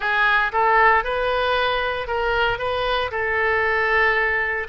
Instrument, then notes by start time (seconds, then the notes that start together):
oboe
0.00 G#4
0.52 A4
1.03 B4
2.07 A#4
2.58 B4
3.11 A4